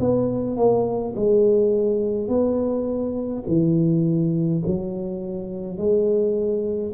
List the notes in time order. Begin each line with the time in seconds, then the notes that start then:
0.00 B3
0.57 A#3
1.15 G#3
2.28 B3
3.47 E3
4.66 F#3
5.77 G#3